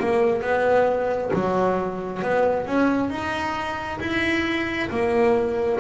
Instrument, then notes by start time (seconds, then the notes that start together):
double bass
0.00 A#3
0.42 B3
1.34 F#3
2.23 B3
2.67 C#4
3.10 D#4
4.00 E4
4.90 A#3